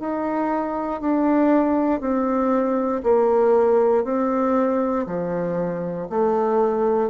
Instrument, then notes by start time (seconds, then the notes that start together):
bassoon
0.00 D#4
1.01 D4
2.01 C4
3.03 A#3
4.04 C4
5.07 F3
6.10 A3